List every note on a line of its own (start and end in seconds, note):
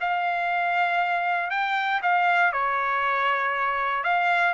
0.00 1.50 F5
1.50 2.00 G5
2.02 2.52 F5
2.52 4.03 C#5
4.03 4.54 F5